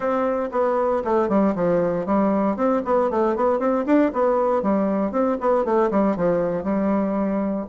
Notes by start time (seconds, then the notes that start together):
0.00 C4
0.51 B3
1.04 A3
1.28 G3
1.55 F3
2.05 G3
2.56 C4
2.85 B3
3.10 A3
3.35 B3
3.59 C4
3.86 D4
4.13 B3
4.62 G3
5.11 C4
5.40 B3
5.64 A3
5.90 G3
6.16 F3
6.63 G3